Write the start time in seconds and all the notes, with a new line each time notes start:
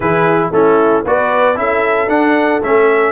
0.00 E3 E4 G#4 B4
0.51 A3 C#4 E4 A4
1.03 B3 F#4 B4 D5
1.55 C#4 E4 A4 E5
2.07 D4 F#5
2.62 A3 C#4 E5